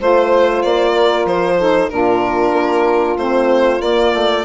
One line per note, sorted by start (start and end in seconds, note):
0.00 0.64 A3
0.00 1.60 F4
0.00 0.90 C5
0.00 0.62 C5
0.62 1.25 A#3
0.62 1.26 D5
0.90 1.54 A#4
1.25 1.89 F3
1.25 1.90 C5
1.59 1.90 D#4
1.59 1.90 A4
1.90 2.53 A#2
1.90 3.18 D4
1.90 4.45 F4
1.90 3.17 A#4
2.53 3.16 A#3
3.17 3.80 A3
3.17 3.79 C4
3.17 3.82 C5
3.79 4.43 A#3
3.79 4.12 A#3
3.79 4.45 D5
4.14 4.45 A3